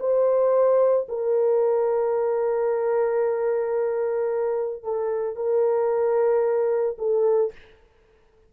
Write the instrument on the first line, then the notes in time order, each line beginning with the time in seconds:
horn
0.00 C5
1.09 A#4
4.84 A4
5.36 A#4
6.98 A4